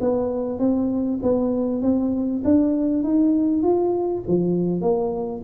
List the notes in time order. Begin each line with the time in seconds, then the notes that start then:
0.00 B3
0.59 C4
1.22 B3
1.82 C4
2.44 D4
3.03 D#4
3.63 F4
4.27 F3
4.81 A#3